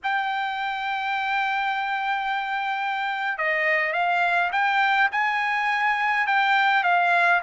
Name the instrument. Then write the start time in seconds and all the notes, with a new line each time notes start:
trumpet
0.03 G5
3.38 D#5
3.92 F5
4.51 G5
5.11 G#5
6.26 G5
6.83 F5